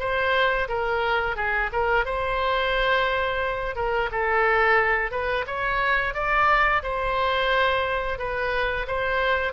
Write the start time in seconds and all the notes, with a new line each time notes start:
0.00 C5
0.69 A#4
1.37 G#4
1.73 A#4
2.05 C5
3.76 A#4
4.12 A4
5.11 B4
5.47 C#5
6.15 D5
6.83 C5
8.19 B4
8.87 C5